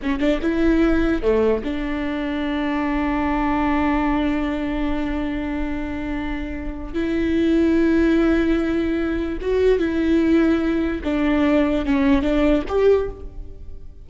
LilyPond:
\new Staff \with { instrumentName = "viola" } { \time 4/4 \tempo 4 = 147 cis'8 d'8 e'2 a4 | d'1~ | d'1~ | d'1~ |
d'4 e'2.~ | e'2. fis'4 | e'2. d'4~ | d'4 cis'4 d'4 g'4 | }